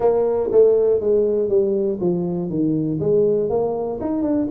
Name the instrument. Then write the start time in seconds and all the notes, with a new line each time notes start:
tuba
0.00 A#3
0.51 A3
1.00 G#3
1.48 G3
2.00 F3
2.49 D#3
3.00 G#3
3.49 A#3
4.00 D#4
4.22 D4